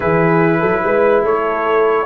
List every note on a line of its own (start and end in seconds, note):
0.00 0.62 E3
0.00 2.06 E4
0.00 0.59 G#4
0.00 1.24 B4
0.59 0.83 F#3
0.59 0.80 A4
0.84 1.23 G#3
0.84 1.23 B4
1.23 2.05 A3
1.23 2.06 A4
1.23 2.06 C#5